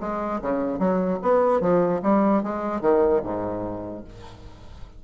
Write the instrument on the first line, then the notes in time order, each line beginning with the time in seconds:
bassoon
0.00 G#3
0.41 C#3
0.79 F#3
1.22 B3
1.61 F3
2.02 G3
2.43 G#3
2.81 D#3
3.23 G#2